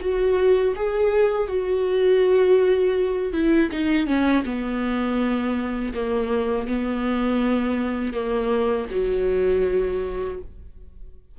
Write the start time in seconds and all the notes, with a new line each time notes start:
0.00 F#4
0.75 G#4
1.48 F#4
3.33 E4
3.71 D#4
4.07 C#4
4.45 B3
5.94 A#3
6.67 B3
8.13 A#3
8.91 F#3